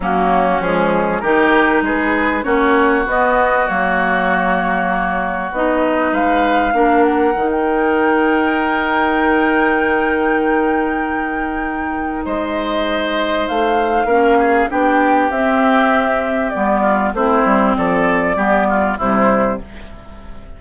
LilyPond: <<
  \new Staff \with { instrumentName = "flute" } { \time 4/4 \tempo 4 = 98 fis'4 gis'4 ais'4 b'4 | cis''4 dis''4 cis''2~ | cis''4 dis''4 f''4. fis''8~ | fis''16 g''2.~ g''8.~ |
g''1 | dis''2 f''2 | g''4 e''2 d''4 | c''4 d''2 c''4 | }
  \new Staff \with { instrumentName = "oboe" } { \time 4/4 cis'2 g'4 gis'4 | fis'1~ | fis'2 b'4 ais'4~ | ais'1~ |
ais'1 | c''2. ais'8 gis'8 | g'2.~ g'8 f'8 | e'4 a'4 g'8 f'8 e'4 | }
  \new Staff \with { instrumentName = "clarinet" } { \time 4/4 ais4 gis4 dis'2 | cis'4 b4 ais2~ | ais4 dis'2 d'4 | dis'1~ |
dis'1~ | dis'2. cis'4 | d'4 c'2 b4 | c'2 b4 g4 | }
  \new Staff \with { instrumentName = "bassoon" } { \time 4/4 fis4 f4 dis4 gis4 | ais4 b4 fis2~ | fis4 b4 gis4 ais4 | dis1~ |
dis1 | gis2 a4 ais4 | b4 c'2 g4 | a8 g8 f4 g4 c4 | }
>>